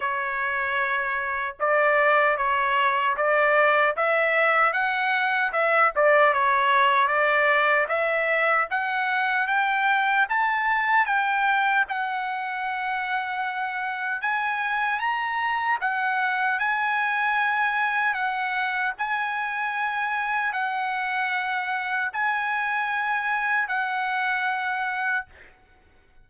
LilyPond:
\new Staff \with { instrumentName = "trumpet" } { \time 4/4 \tempo 4 = 76 cis''2 d''4 cis''4 | d''4 e''4 fis''4 e''8 d''8 | cis''4 d''4 e''4 fis''4 | g''4 a''4 g''4 fis''4~ |
fis''2 gis''4 ais''4 | fis''4 gis''2 fis''4 | gis''2 fis''2 | gis''2 fis''2 | }